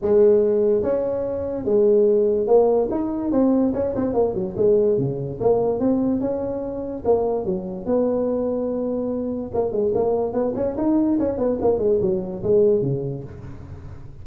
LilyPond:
\new Staff \with { instrumentName = "tuba" } { \time 4/4 \tempo 4 = 145 gis2 cis'2 | gis2 ais4 dis'4 | c'4 cis'8 c'8 ais8 fis8 gis4 | cis4 ais4 c'4 cis'4~ |
cis'4 ais4 fis4 b4~ | b2. ais8 gis8 | ais4 b8 cis'8 dis'4 cis'8 b8 | ais8 gis8 fis4 gis4 cis4 | }